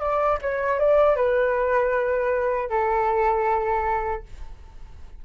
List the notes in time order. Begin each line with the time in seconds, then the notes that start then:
0.00 D5
0.42 C#5
0.79 D5
1.16 B4
2.69 A4